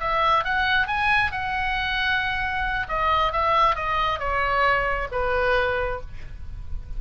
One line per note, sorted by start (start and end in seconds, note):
0.00 0.44 E5
0.45 0.87 F#5
0.87 1.32 G#5
1.32 2.87 F#5
2.88 3.33 D#5
3.33 3.76 E5
3.76 4.19 D#5
4.19 5.08 C#5
5.12 6.01 B4